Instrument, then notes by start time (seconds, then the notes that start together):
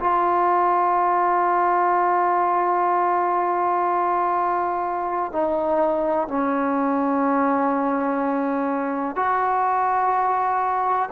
trombone
0.00 F4
5.32 D#4
6.28 C#4
9.15 F#4